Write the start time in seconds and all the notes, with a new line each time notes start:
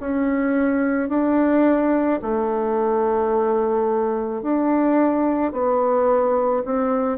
0.00 C#4
1.09 D4
2.22 A3
4.42 D4
5.52 B3
6.65 C4